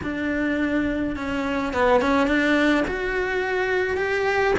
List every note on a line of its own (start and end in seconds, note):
0.03 1.16 D4
1.16 1.73 C#4
1.73 2.01 B3
2.01 2.27 C#4
2.27 2.84 D4
2.87 3.97 F#4
3.97 4.54 G4